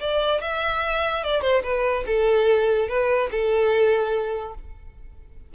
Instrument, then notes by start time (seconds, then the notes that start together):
violin
0.00 D5
0.41 E5
1.24 D5
1.42 C5
1.63 B4
2.06 A4
2.88 B4
3.31 A4